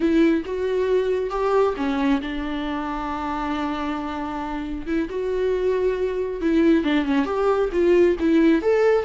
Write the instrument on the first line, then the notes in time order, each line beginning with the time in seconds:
viola
0.00 E4
0.45 F#4
1.30 G4
1.76 C#4
2.21 D4
4.86 E4
5.09 F#4
6.41 E4
6.83 D4
7.05 C#4
7.25 G4
7.72 F4
8.19 E4
8.61 A4